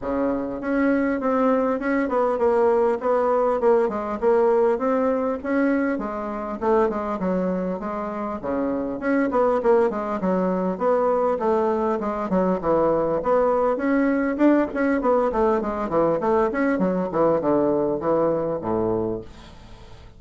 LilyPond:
\new Staff \with { instrumentName = "bassoon" } { \time 4/4 \tempo 4 = 100 cis4 cis'4 c'4 cis'8 b8 | ais4 b4 ais8 gis8 ais4 | c'4 cis'4 gis4 a8 gis8 | fis4 gis4 cis4 cis'8 b8 |
ais8 gis8 fis4 b4 a4 | gis8 fis8 e4 b4 cis'4 | d'8 cis'8 b8 a8 gis8 e8 a8 cis'8 | fis8 e8 d4 e4 a,4 | }